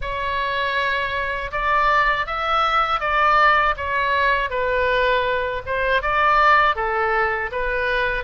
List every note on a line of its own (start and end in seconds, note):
0.01 1.51 C#5
1.51 2.26 D5
2.26 3.00 E5
3.00 3.75 D5
3.77 4.50 C#5
4.50 5.62 B4
5.66 6.01 C5
6.01 6.75 D5
6.75 7.50 A4
7.51 8.23 B4